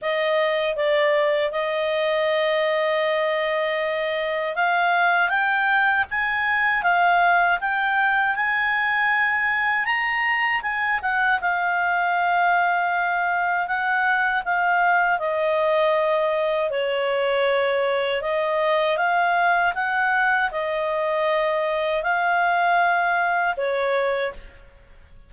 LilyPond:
\new Staff \with { instrumentName = "clarinet" } { \time 4/4 \tempo 4 = 79 dis''4 d''4 dis''2~ | dis''2 f''4 g''4 | gis''4 f''4 g''4 gis''4~ | gis''4 ais''4 gis''8 fis''8 f''4~ |
f''2 fis''4 f''4 | dis''2 cis''2 | dis''4 f''4 fis''4 dis''4~ | dis''4 f''2 cis''4 | }